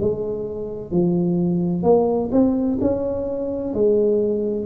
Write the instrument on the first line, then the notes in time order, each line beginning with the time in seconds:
tuba
0.00 G#3
0.91 F3
1.83 A#3
2.31 C4
2.80 C#4
3.73 G#3